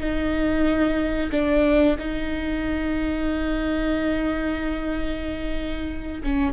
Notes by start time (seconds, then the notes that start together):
0.00 D#4
1.32 D4
1.98 D#4
6.23 C#4